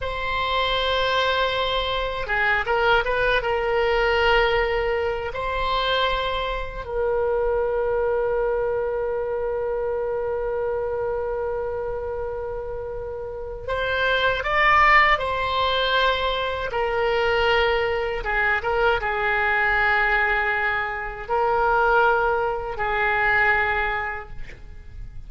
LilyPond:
\new Staff \with { instrumentName = "oboe" } { \time 4/4 \tempo 4 = 79 c''2. gis'8 ais'8 | b'8 ais'2~ ais'8 c''4~ | c''4 ais'2.~ | ais'1~ |
ais'2 c''4 d''4 | c''2 ais'2 | gis'8 ais'8 gis'2. | ais'2 gis'2 | }